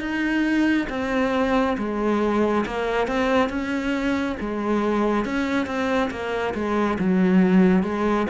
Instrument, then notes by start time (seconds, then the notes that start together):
cello
0.00 D#4
0.89 C4
1.77 G#3
2.66 A#3
3.07 C4
3.49 C#4
4.40 G#3
5.25 C#4
5.66 C4
6.10 A#3
6.54 G#3
6.99 F#3
7.83 G#3